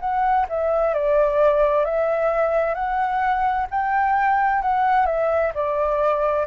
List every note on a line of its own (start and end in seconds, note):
0.00 0.46 F#5
0.49 0.94 E5
0.94 1.85 D5
1.85 2.74 E5
2.74 3.67 F#5
3.70 4.62 G5
4.62 5.06 F#5
5.06 5.52 E5
5.54 6.47 D5